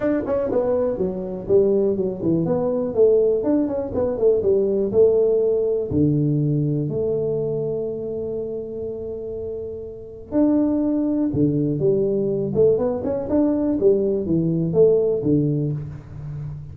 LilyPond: \new Staff \with { instrumentName = "tuba" } { \time 4/4 \tempo 4 = 122 d'8 cis'8 b4 fis4 g4 | fis8 e8 b4 a4 d'8 cis'8 | b8 a8 g4 a2 | d2 a2~ |
a1~ | a4 d'2 d4 | g4. a8 b8 cis'8 d'4 | g4 e4 a4 d4 | }